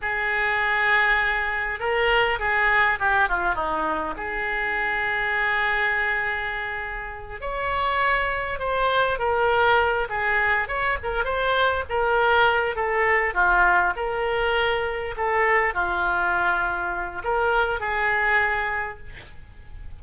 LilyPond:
\new Staff \with { instrumentName = "oboe" } { \time 4/4 \tempo 4 = 101 gis'2. ais'4 | gis'4 g'8 f'8 dis'4 gis'4~ | gis'1~ | gis'8 cis''2 c''4 ais'8~ |
ais'4 gis'4 cis''8 ais'8 c''4 | ais'4. a'4 f'4 ais'8~ | ais'4. a'4 f'4.~ | f'4 ais'4 gis'2 | }